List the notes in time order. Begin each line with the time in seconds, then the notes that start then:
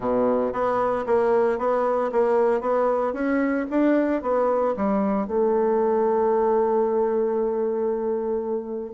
0.00 B2
0.52 B3
1.06 A#3
1.58 B3
2.12 A#3
2.61 B3
3.13 C#4
3.70 D4
4.22 B3
4.76 G3
5.27 A3